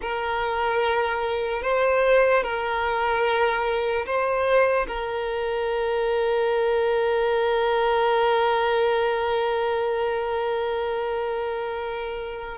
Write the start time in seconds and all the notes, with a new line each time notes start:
0.01 A#4
1.62 C5
2.43 A#4
4.05 C5
4.87 A#4